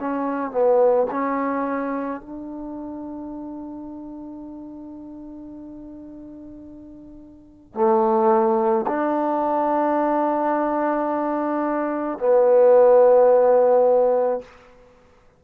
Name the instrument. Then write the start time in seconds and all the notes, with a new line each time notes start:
trombone
0.00 C#4
0.51 B3
1.11 C#4
2.21 D4
7.75 A3
8.87 D4
12.19 B3